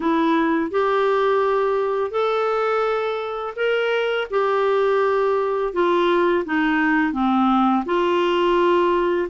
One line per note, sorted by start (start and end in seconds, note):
0.00 0.70 E4
0.70 2.11 G4
2.11 3.54 A4
3.56 4.27 A#4
4.30 5.73 G4
5.73 6.44 F4
6.44 7.12 D#4
7.12 7.84 C4
7.85 9.28 F4